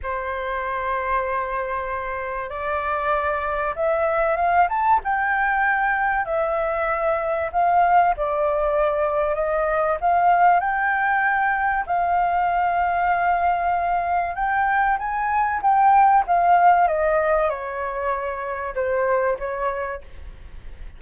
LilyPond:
\new Staff \with { instrumentName = "flute" } { \time 4/4 \tempo 4 = 96 c''1 | d''2 e''4 f''8 a''8 | g''2 e''2 | f''4 d''2 dis''4 |
f''4 g''2 f''4~ | f''2. g''4 | gis''4 g''4 f''4 dis''4 | cis''2 c''4 cis''4 | }